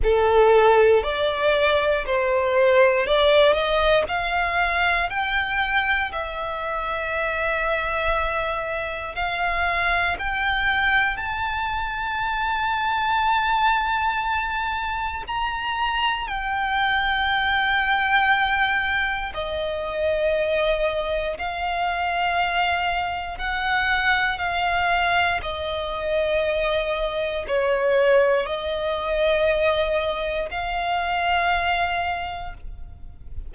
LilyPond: \new Staff \with { instrumentName = "violin" } { \time 4/4 \tempo 4 = 59 a'4 d''4 c''4 d''8 dis''8 | f''4 g''4 e''2~ | e''4 f''4 g''4 a''4~ | a''2. ais''4 |
g''2. dis''4~ | dis''4 f''2 fis''4 | f''4 dis''2 cis''4 | dis''2 f''2 | }